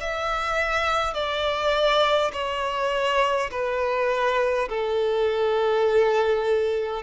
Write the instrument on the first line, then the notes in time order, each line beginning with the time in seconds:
violin
0.00 E5
1.14 D5
2.33 C#5
3.51 B4
4.69 A4